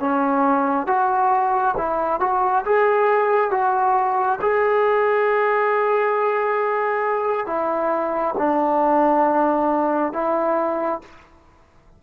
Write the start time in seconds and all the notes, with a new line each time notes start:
0.00 C#4
0.87 F#4
1.77 E4
2.20 F#4
2.65 G#4
3.51 F#4
4.41 G#4
7.46 E4
8.37 D4
10.13 E4